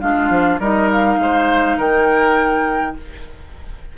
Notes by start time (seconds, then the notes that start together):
0.00 G#3 D4 F4 F5
0.29 F3
0.59 G3 D#4 A#4 D#5
0.91 F5
1.18 G#3 C5
1.77 D#3 A#4 G5